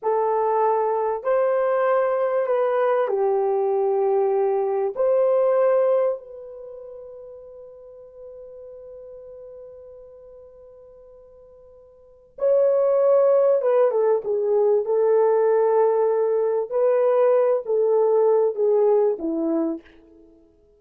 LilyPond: \new Staff \with { instrumentName = "horn" } { \time 4/4 \tempo 4 = 97 a'2 c''2 | b'4 g'2. | c''2 b'2~ | b'1~ |
b'1 | cis''2 b'8 a'8 gis'4 | a'2. b'4~ | b'8 a'4. gis'4 e'4 | }